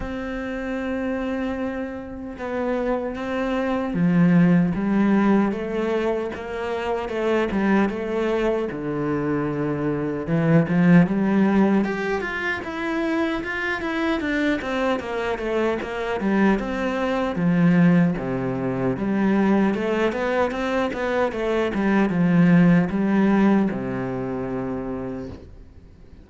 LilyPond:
\new Staff \with { instrumentName = "cello" } { \time 4/4 \tempo 4 = 76 c'2. b4 | c'4 f4 g4 a4 | ais4 a8 g8 a4 d4~ | d4 e8 f8 g4 g'8 f'8 |
e'4 f'8 e'8 d'8 c'8 ais8 a8 | ais8 g8 c'4 f4 c4 | g4 a8 b8 c'8 b8 a8 g8 | f4 g4 c2 | }